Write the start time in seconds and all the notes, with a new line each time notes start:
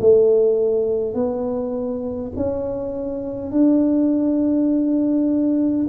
0.00 A3
1.14 B3
2.36 C#4
3.51 D4